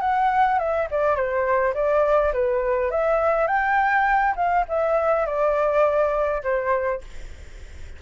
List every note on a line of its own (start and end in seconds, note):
0.00 0.58 F#5
0.59 0.88 E5
0.90 1.15 D5
1.15 1.73 C5
1.74 2.32 D5
2.33 2.90 B4
2.90 3.47 E5
3.47 4.34 G5
4.36 4.65 F5
4.68 5.26 E5
5.26 6.42 D5
6.43 7.01 C5